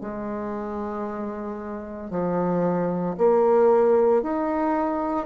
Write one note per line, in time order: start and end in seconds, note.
0.00 2.10 G#3
2.10 3.15 F3
3.17 4.22 A#3
4.22 5.26 D#4